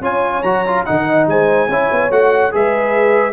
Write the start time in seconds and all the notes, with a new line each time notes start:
0.00 C#4 F4 C#5 G#5
0.42 F#3 F#4 A#5
0.66 F4
0.85 D#3 D#4 D#5 F#5
1.27 G#3 C5 G#5
1.68 C#4 E4 C#5
1.91 B3
2.10 A3 F#4 F#5
2.51 G#3 G#4 B4 E5